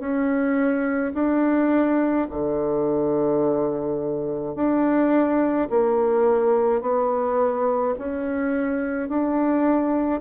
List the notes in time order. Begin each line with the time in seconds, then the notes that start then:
0.00 C#4
1.14 D4
2.31 D3
4.56 D4
5.71 A#3
6.82 B3
7.99 C#4
9.09 D4